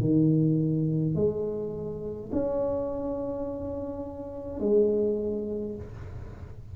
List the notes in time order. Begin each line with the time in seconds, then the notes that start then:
0.00 D#3
1.14 G#3
2.32 C#4
4.59 G#3